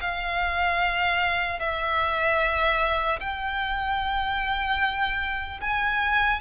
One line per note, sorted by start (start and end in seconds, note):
0.00 1.59 F5
1.59 3.19 E5
3.20 5.60 G5
5.60 6.40 G#5